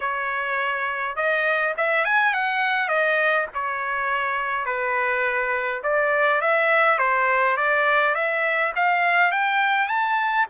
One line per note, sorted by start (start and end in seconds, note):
0.00 1.16 C#5
1.16 1.74 D#5
1.77 2.04 E5
2.04 2.33 G#5
2.33 2.88 F#5
2.88 3.46 D#5
3.54 4.65 C#5
4.65 5.82 B4
5.83 6.41 D5
6.41 6.98 E5
6.98 7.56 C5
7.56 8.14 D5
8.14 8.72 E5
8.75 9.31 F5
9.31 9.87 G5
9.87 10.46 A5